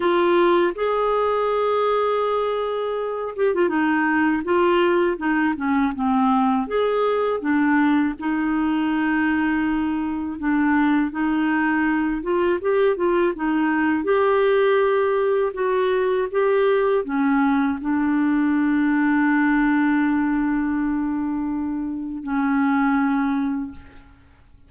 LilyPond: \new Staff \with { instrumentName = "clarinet" } { \time 4/4 \tempo 4 = 81 f'4 gis'2.~ | gis'8 g'16 f'16 dis'4 f'4 dis'8 cis'8 | c'4 gis'4 d'4 dis'4~ | dis'2 d'4 dis'4~ |
dis'8 f'8 g'8 f'8 dis'4 g'4~ | g'4 fis'4 g'4 cis'4 | d'1~ | d'2 cis'2 | }